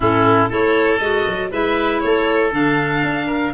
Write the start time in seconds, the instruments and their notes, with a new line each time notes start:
0.00 tuba A2, clarinet C#4, oboe E4, violin A4
0.49 tuba A3, clarinet E4, oboe A4, violin C#5
0.98 tuba G#3, clarinet F#4, violin D#5
1.27 tuba F#3
1.51 tuba G#3, clarinet E4, oboe B4, violin E5
2.00 tuba A3, oboe A4, violin C#5
2.51 tuba D3, clarinet D4, violin F5
3.03 tuba D4
3.26 oboe A#4